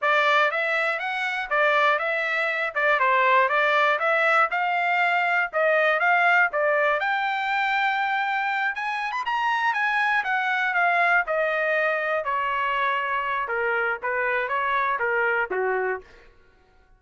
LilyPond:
\new Staff \with { instrumentName = "trumpet" } { \time 4/4 \tempo 4 = 120 d''4 e''4 fis''4 d''4 | e''4. d''8 c''4 d''4 | e''4 f''2 dis''4 | f''4 d''4 g''2~ |
g''4. gis''8. b''16 ais''4 gis''8~ | gis''8 fis''4 f''4 dis''4.~ | dis''8 cis''2~ cis''8 ais'4 | b'4 cis''4 ais'4 fis'4 | }